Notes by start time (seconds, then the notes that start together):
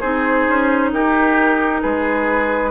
0.00 C4 D#4 G#4 C5
0.48 C#4
0.92 D#4 G4 A#4
1.81 G#3 G#4 B4